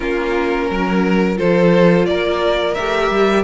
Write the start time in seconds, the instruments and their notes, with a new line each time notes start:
0.00 cello A#3, viola C#4, violin F4 A#4
0.70 cello F#3, violin A#4
1.36 cello F3, viola F4, violin A4 C5
2.06 cello A#3, violin A#4 D5
2.74 cello A3, viola G4, violin E5
3.10 cello G3